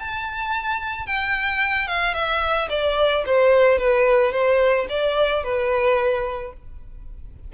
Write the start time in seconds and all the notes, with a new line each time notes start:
0.00 A5
1.07 G5
1.88 F5
2.14 E5
2.70 D5
3.27 C5
3.79 B4
4.32 C5
4.89 D5
5.44 B4